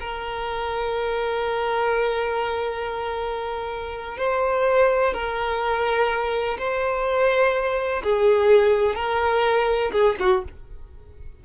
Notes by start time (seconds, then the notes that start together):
0.00 A#4
4.18 C5
5.13 A#4
6.58 C5
8.03 G#4
8.95 A#4
9.92 G#4
10.20 F#4